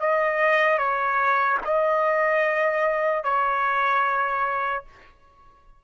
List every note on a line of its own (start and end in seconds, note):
0.00 0.79 D#5
0.79 1.59 C#5
1.65 3.24 D#5
3.24 4.84 C#5